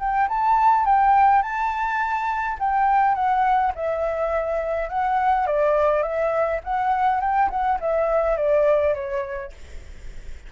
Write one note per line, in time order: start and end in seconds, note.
0.00 0.29 G5
0.29 0.86 A5
0.86 1.42 G5
1.42 2.58 A5
2.60 3.15 G5
3.15 3.72 F#5
3.76 4.89 E5
4.89 5.47 F#5
5.47 6.03 D5
6.03 6.61 E5
6.64 7.21 F#5
7.21 7.50 G5
7.51 7.79 F#5
7.81 8.37 E5
8.37 8.95 D5
8.95 9.53 C#5